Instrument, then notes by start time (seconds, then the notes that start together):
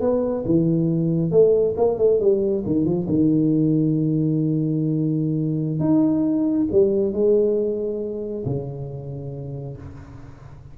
tuba
0.00 B3
0.45 E3
1.31 A3
1.76 A#3
1.98 A3
2.20 G3
2.65 D#3
2.85 F3
3.08 D#3
5.79 D#4
6.71 G3
7.12 G#3
8.45 C#3